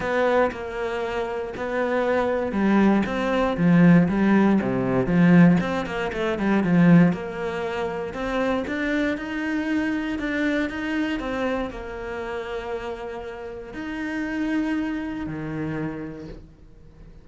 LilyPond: \new Staff \with { instrumentName = "cello" } { \time 4/4 \tempo 4 = 118 b4 ais2 b4~ | b4 g4 c'4 f4 | g4 c4 f4 c'8 ais8 | a8 g8 f4 ais2 |
c'4 d'4 dis'2 | d'4 dis'4 c'4 ais4~ | ais2. dis'4~ | dis'2 dis2 | }